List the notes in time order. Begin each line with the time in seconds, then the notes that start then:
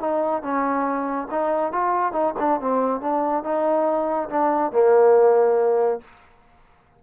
0.00 D#4
0.43 C#4
1.31 D#4
1.72 F4
2.13 D#4
2.39 D4
2.60 C4
3.01 D4
3.44 D#4
4.30 D4
4.72 A#3